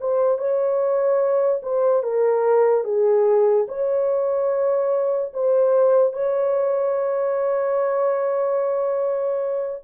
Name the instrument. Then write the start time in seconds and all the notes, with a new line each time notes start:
horn
0.00 C5
0.38 C#5
1.62 C5
2.03 A#4
2.84 G#4
3.68 C#5
5.33 C5
6.13 C#5